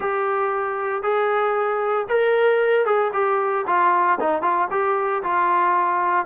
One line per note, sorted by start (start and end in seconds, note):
0.00 1.02 G4
1.02 2.07 G#4
2.08 2.85 A#4
2.85 3.11 G#4
3.13 3.65 G4
3.66 4.19 F4
4.20 4.42 D#4
4.42 4.68 F4
4.70 5.22 G4
5.23 6.25 F4